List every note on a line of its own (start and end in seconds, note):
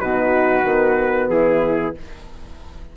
0.00 0.64 B2
0.00 0.66 D#4
0.00 1.31 F#4
0.00 1.30 B4
0.64 1.29 D#3
0.64 1.97 B3
1.29 1.94 E3
1.29 1.96 E4
1.29 1.95 G#4